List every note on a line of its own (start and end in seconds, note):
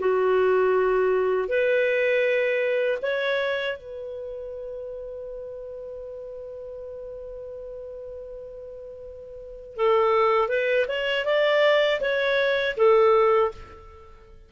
0.00 1.49 F#4
1.49 2.99 B4
3.02 3.77 C#5
3.77 9.76 B4
9.76 10.49 A4
10.49 10.86 B4
10.88 11.26 C#5
11.26 12.01 D5
12.01 12.76 C#5
12.77 13.52 A4